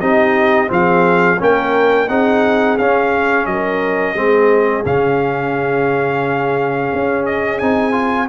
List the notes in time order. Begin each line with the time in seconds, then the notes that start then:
0.00 C4 D#4 G4 D#5
0.67 F3 C4 G#4 F5
1.39 A#3 C#4 A#4 G5
2.08 C4 D#4 G#4 F#5
2.78 C#4 F5
3.46 F#3 A#4 D#5
4.15 G#3 C4 G#4
4.85 C#3 C#4 F5
6.93 C#4
7.26 D#5
7.58 C4 D#4 G#5
7.92 F4